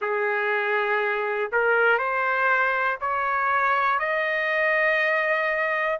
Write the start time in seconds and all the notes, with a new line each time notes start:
0.00 G#4
1.51 A#4
1.98 C5
3.00 C#5
3.99 D#5